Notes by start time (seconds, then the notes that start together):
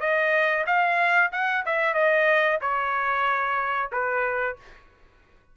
0.00 D#5
0.66 F5
1.32 F#5
1.65 E5
1.94 D#5
2.61 C#5
3.92 B4